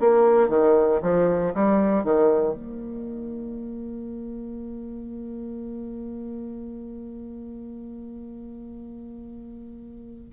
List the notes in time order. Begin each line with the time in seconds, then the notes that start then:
0.00 A#3
0.49 D#3
1.02 F3
1.54 G3
2.04 D#3
2.54 A#3